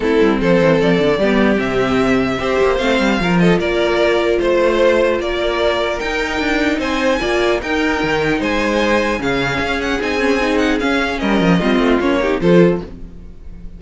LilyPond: <<
  \new Staff \with { instrumentName = "violin" } { \time 4/4 \tempo 4 = 150 a'4 c''4 d''2 | e''2. f''4~ | f''8 dis''8 d''2 c''4~ | c''4 d''2 g''4~ |
g''4 gis''2 g''4~ | g''4 gis''2 f''4~ | f''8 fis''8 gis''4. fis''8 f''4 | dis''2 cis''4 c''4 | }
  \new Staff \with { instrumentName = "violin" } { \time 4/4 e'4 a'2 g'4~ | g'2 c''2 | ais'8 a'8 ais'2 c''4~ | c''4 ais'2.~ |
ais'4 c''4 d''4 ais'4~ | ais'4 c''2 gis'4~ | gis'1 | ais'4 f'4. g'8 a'4 | }
  \new Staff \with { instrumentName = "viola" } { \time 4/4 c'2. b4 | c'2 g'4 c'4 | f'1~ | f'2. dis'4~ |
dis'2 f'4 dis'4~ | dis'2. cis'4~ | cis'4 dis'8 cis'8 dis'4 cis'4~ | cis'4 c'4 cis'8 dis'8 f'4 | }
  \new Staff \with { instrumentName = "cello" } { \time 4/4 a8 g8 f8 e8 f8 d8 g4 | c2 c'8 ais8 a8 g8 | f4 ais2 a4~ | a4 ais2 dis'4 |
d'4 c'4 ais4 dis'4 | dis4 gis2 cis4 | cis'4 c'2 cis'4 | g8 f8 g8 a8 ais4 f4 | }
>>